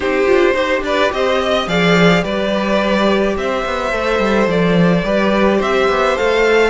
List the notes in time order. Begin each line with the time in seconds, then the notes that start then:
0.00 C4 D#4 G4 C5
0.26 D4 F4
0.54 D#4 G4 C5
0.81 D4 B4 D5
1.12 C4 C5 D#5
1.41 D#5
1.67 F3 G#4 D5 F5
2.22 G3 G4 B4 D5
3.36 C4 C5 E5
3.65 B3
3.92 A3 A4
4.19 G3
4.47 F3 D5
5.03 G3 G4 B4
5.57 C4 C5 E5
5.88 B3
6.16 A3 A4 F5